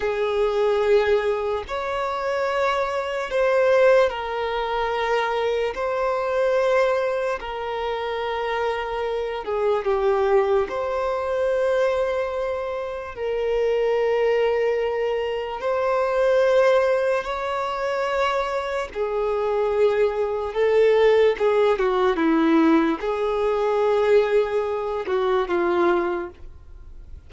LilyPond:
\new Staff \with { instrumentName = "violin" } { \time 4/4 \tempo 4 = 73 gis'2 cis''2 | c''4 ais'2 c''4~ | c''4 ais'2~ ais'8 gis'8 | g'4 c''2. |
ais'2. c''4~ | c''4 cis''2 gis'4~ | gis'4 a'4 gis'8 fis'8 e'4 | gis'2~ gis'8 fis'8 f'4 | }